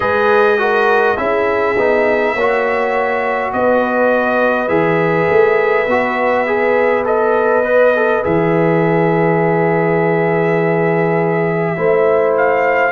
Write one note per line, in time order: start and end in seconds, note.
0.00 1.15 G#3
0.00 0.58 G#4
0.00 0.59 B4
0.00 1.16 D#5
0.58 1.17 F#4
0.58 1.18 A#4
1.16 1.76 C#4
1.16 1.76 E4
1.16 2.34 G#4
1.16 3.52 E5
1.76 2.34 B3
1.76 2.37 D#4
2.34 3.52 A#3
2.34 4.68 F#4
2.34 3.52 C#5
3.52 4.68 B3
3.52 11.76 B4
3.52 4.68 D#5
4.68 5.27 E3
4.68 5.86 G#4
4.68 7.03 E5
5.29 5.87 A3
5.87 8.22 B3
5.87 6.47 F#4
6.47 7.04 G#4
7.04 7.63 A4
7.04 8.24 D#5
7.64 7.93 B4
7.95 8.23 A4
8.23 11.77 E3
8.23 11.76 G#4
8.23 12.36 E5
11.76 12.92 A3
11.76 12.92 E4
11.76 12.92 C5
12.37 12.92 F5